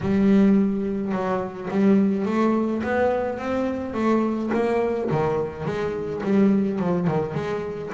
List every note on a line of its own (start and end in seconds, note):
0.00 1.11 G3
1.11 1.68 F#3
1.70 2.25 G3
2.25 2.82 A3
2.83 3.38 B3
3.38 3.94 C4
3.94 4.50 A3
4.53 5.10 A#3
5.10 5.64 D#3
5.64 6.21 G#3
6.23 6.79 G3
6.79 7.07 F3
7.07 7.34 D#3
7.34 7.91 G#3